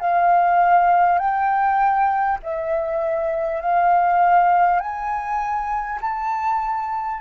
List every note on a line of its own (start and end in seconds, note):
0.00 1.18 F5
1.18 2.38 G5
2.43 3.62 E5
3.62 4.80 F5
4.80 6.00 G#5
6.01 7.21 A5